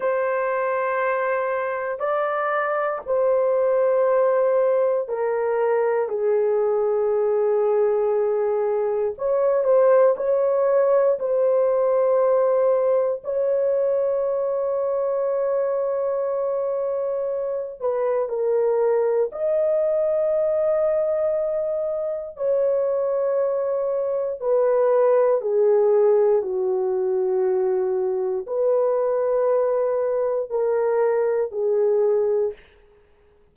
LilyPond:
\new Staff \with { instrumentName = "horn" } { \time 4/4 \tempo 4 = 59 c''2 d''4 c''4~ | c''4 ais'4 gis'2~ | gis'4 cis''8 c''8 cis''4 c''4~ | c''4 cis''2.~ |
cis''4. b'8 ais'4 dis''4~ | dis''2 cis''2 | b'4 gis'4 fis'2 | b'2 ais'4 gis'4 | }